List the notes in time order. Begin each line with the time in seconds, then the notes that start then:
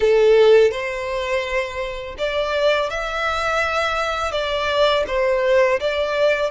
0.00 A4
0.71 C5
2.18 D5
2.90 E5
4.31 D5
5.07 C5
5.80 D5